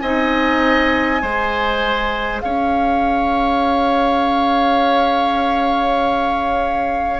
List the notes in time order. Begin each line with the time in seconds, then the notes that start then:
0.00 C4 D#4 D#5 G#5
1.21 G#3 G#4 C5
2.41 C#4 C#5 F5